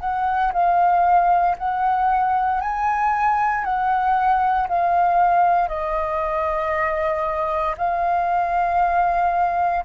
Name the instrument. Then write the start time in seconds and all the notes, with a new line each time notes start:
flute
0.00 F#5
0.53 F5
1.58 F#5
2.61 G#5
3.64 F#5
4.68 F5
5.68 D#5
7.78 F5